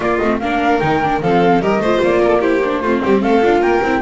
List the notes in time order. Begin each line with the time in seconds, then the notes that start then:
0.00 A#3 F4 D5
0.17 A3 C4 D#5
0.39 A#3 D4 A#4 F5
0.79 D#3 D#4 G5
1.02 D4
1.21 F3 C4 A4 F5
1.60 G3 G4 A#4 D#5
1.78 A3 C5
1.85 F4
2.03 A#3 D5
2.22 A4 A#4
2.39 E4 G4 C5
2.64 D4
2.81 A3 C4 F4
3.03 G3 G4
3.21 A3 A4 F5
3.42 D4 F4
3.60 A#3 A#4 G5
3.82 C4 E4